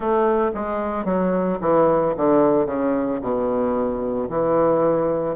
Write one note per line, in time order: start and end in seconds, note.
0.00 0.51 A3
0.54 1.05 G#3
1.05 1.58 F#3
1.61 2.14 E3
2.16 2.65 D3
2.65 3.19 C#3
3.21 4.29 B2
4.29 5.35 E3